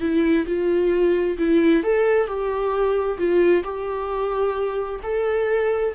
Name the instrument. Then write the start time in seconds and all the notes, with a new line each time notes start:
viola
0.00 E4
0.46 F4
1.38 E4
1.83 A4
2.27 G4
3.18 F4
3.64 G4
5.03 A4